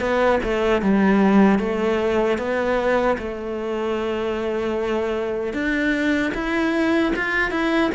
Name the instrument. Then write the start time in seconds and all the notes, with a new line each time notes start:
cello
0.00 B3
0.43 A3
0.82 G3
1.59 A3
2.38 B3
3.18 A3
5.53 D4
6.34 E4
7.16 F4
7.51 E4